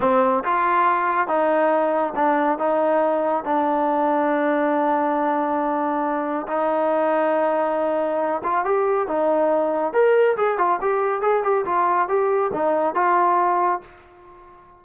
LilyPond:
\new Staff \with { instrumentName = "trombone" } { \time 4/4 \tempo 4 = 139 c'4 f'2 dis'4~ | dis'4 d'4 dis'2 | d'1~ | d'2. dis'4~ |
dis'2.~ dis'8 f'8 | g'4 dis'2 ais'4 | gis'8 f'8 g'4 gis'8 g'8 f'4 | g'4 dis'4 f'2 | }